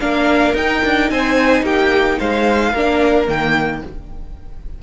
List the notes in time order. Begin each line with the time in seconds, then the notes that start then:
0.00 A#3 D4 A#4 F5
0.54 D#4 G5
0.85 D4
1.10 C4 C5 G#5
1.62 A#3 G4 G5
2.18 G#3 C5 F5
2.72 A#3 D4 A#4
3.27 D#3 A#3 G5